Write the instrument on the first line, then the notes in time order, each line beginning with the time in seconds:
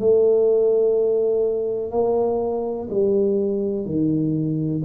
tuba
0.00 A3
1.91 A#3
2.90 G3
3.86 D#3